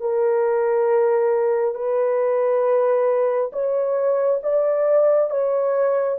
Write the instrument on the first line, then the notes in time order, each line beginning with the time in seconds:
horn
0.00 A#4
1.74 B4
3.52 C#5
4.43 D5
5.30 C#5